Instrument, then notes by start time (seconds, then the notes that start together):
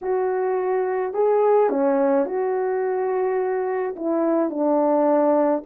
horn
0.01 F#4
1.13 G#4
1.69 C#4
2.25 F#4
3.96 E4
4.49 D4